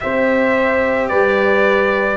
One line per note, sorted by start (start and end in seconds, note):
0.00 1.10 C4
0.00 2.16 G4
0.00 1.09 C5
0.00 1.08 E5
1.08 2.16 G3
1.08 2.16 B4
1.08 2.16 D5